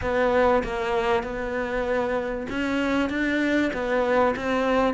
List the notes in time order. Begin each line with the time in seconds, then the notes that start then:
0.01 B3
0.63 A#3
1.23 B3
2.49 C#4
3.09 D4
3.73 B3
4.36 C4